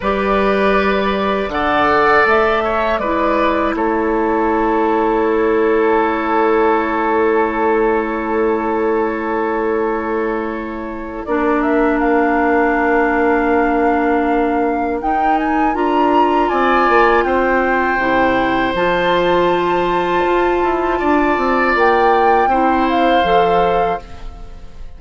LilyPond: <<
  \new Staff \with { instrumentName = "flute" } { \time 4/4 \tempo 4 = 80 d''2 fis''4 e''4 | d''4 cis''2.~ | cis''1~ | cis''2. d''8 e''8 |
f''1 | g''8 gis''8 ais''4 gis''4 g''4~ | g''4 a''2.~ | a''4 g''4. f''4. | }
  \new Staff \with { instrumentName = "oboe" } { \time 4/4 b'2 d''4. cis''8 | b'4 a'2.~ | a'1~ | a'2. ais'4~ |
ais'1~ | ais'2 d''4 c''4~ | c''1 | d''2 c''2 | }
  \new Staff \with { instrumentName = "clarinet" } { \time 4/4 g'2 a'2 | e'1~ | e'1~ | e'2. d'4~ |
d'1 | dis'4 f'2. | e'4 f'2.~ | f'2 e'4 a'4 | }
  \new Staff \with { instrumentName = "bassoon" } { \time 4/4 g2 d4 a4 | gis4 a2.~ | a1~ | a2. ais4~ |
ais1 | dis'4 d'4 c'8 ais8 c'4 | c4 f2 f'8 e'8 | d'8 c'8 ais4 c'4 f4 | }
>>